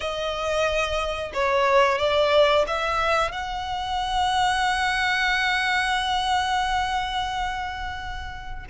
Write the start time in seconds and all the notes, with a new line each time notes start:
0.00 D#5
1.33 C#5
1.98 D5
2.67 E5
3.32 F#5